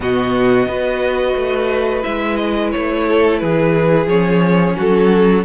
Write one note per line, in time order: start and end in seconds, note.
0.00 0.66 B2
0.00 0.68 B3
0.00 0.68 F#4
0.00 2.03 D#5
0.66 1.34 B3
0.66 2.02 F#4
0.66 3.07 B4
1.35 2.03 A3
2.02 2.74 G#3
2.02 4.06 E4
2.02 2.36 E5
2.36 2.70 D#5
2.71 3.41 A3
2.71 3.38 C#5
3.08 3.42 A4
3.38 4.06 E3
3.38 4.76 G#4
3.38 4.06 B4
4.06 4.74 F3
4.06 5.45 C#4
4.06 4.77 C#5
4.76 5.45 F#3
4.76 5.44 F#4
4.76 5.45 A4